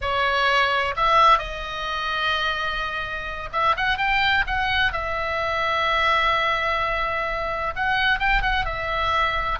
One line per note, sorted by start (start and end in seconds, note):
0.01 0.94 C#5
0.96 1.38 E5
1.38 3.49 D#5
3.52 3.75 E5
3.76 3.97 F#5
3.97 4.44 G5
4.46 4.92 F#5
4.92 7.73 E5
7.75 8.19 F#5
8.19 8.42 G5
8.42 8.65 F#5
8.65 9.59 E5